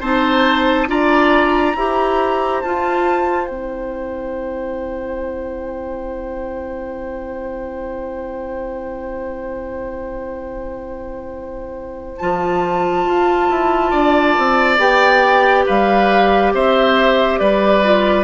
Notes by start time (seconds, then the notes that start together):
0.00 C4 D#4 C5 A5
0.87 D4 F4 D5 A#5
1.76 E4 G4 C5
2.61 F4 A5
3.47 C4 E4 G5
12.18 F3 F4 A5
13.06 F4
13.49 E4
13.91 D4 D5
14.38 C4
14.78 B3 G4 G5
15.66 G3 B4 F5
16.54 C4 C5 E5
17.39 G3 B4 D5
17.84 F4